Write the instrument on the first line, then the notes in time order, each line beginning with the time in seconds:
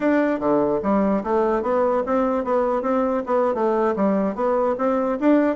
bassoon
0.00 D4
0.39 D3
0.82 G3
1.23 A3
1.62 B3
2.06 C4
2.44 B3
2.82 C4
3.25 B3
3.54 A3
3.96 G3
4.35 B3
4.77 C4
5.20 D4